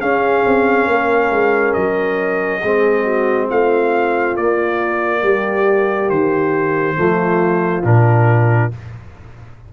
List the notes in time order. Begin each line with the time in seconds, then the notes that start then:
0.00 C#4 G#4 F5
0.45 C4
0.86 A#3 A#4
1.31 G#3
1.73 F#3 D#5
2.61 G#3 C4 G#4
3.04 F#4
3.49 A3 F4 F5
4.36 A#3 D5
5.22 G3 G4
6.09 D#3 C5
6.96 F3 A3 F4
7.84 A#2 D4 A#4